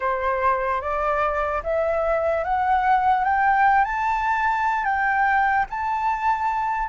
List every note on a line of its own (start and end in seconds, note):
0.00 0.81 C5
0.81 1.62 D5
1.63 2.43 E5
2.43 3.24 F#5
3.24 3.84 G5
3.84 4.84 A5
4.84 5.65 G5
5.69 6.88 A5